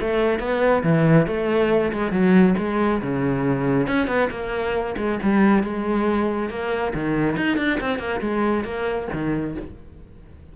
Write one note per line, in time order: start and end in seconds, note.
0.00 0.39 A3
0.39 0.82 B3
0.83 1.26 E3
1.27 1.92 A3
1.92 2.11 G#3
2.11 2.55 F#3
2.58 3.01 G#3
3.02 3.87 C#3
3.87 4.07 C#4
4.07 4.28 B3
4.30 4.95 A#3
4.97 5.19 G#3
5.23 5.63 G3
5.63 6.49 G#3
6.49 6.93 A#3
6.94 7.36 D#3
7.36 7.57 D#4
7.57 7.79 D4
7.80 7.98 C4
7.98 8.20 A#3
8.21 8.64 G#3
8.64 9.08 A#3
9.12 9.56 D#3